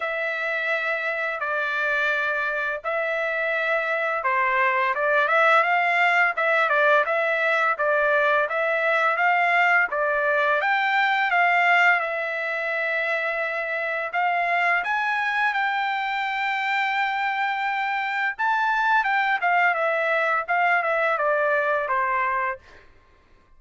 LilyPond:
\new Staff \with { instrumentName = "trumpet" } { \time 4/4 \tempo 4 = 85 e''2 d''2 | e''2 c''4 d''8 e''8 | f''4 e''8 d''8 e''4 d''4 | e''4 f''4 d''4 g''4 |
f''4 e''2. | f''4 gis''4 g''2~ | g''2 a''4 g''8 f''8 | e''4 f''8 e''8 d''4 c''4 | }